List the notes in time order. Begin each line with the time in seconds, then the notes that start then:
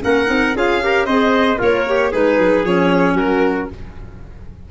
0.00 A#3 C#4 A#4 F#5
0.26 C4 D#4
0.56 C#4 F4 G#4 F5
0.81 G4 A#4
1.06 C4 G#4 C5 D#5
1.58 A#3 F4 A#4 C#5
1.89 G4
2.12 G#3 D#4 G#4 B4
2.38 F#3
2.65 F3 C#4 C#5
3.15 F#3 F#4 A#4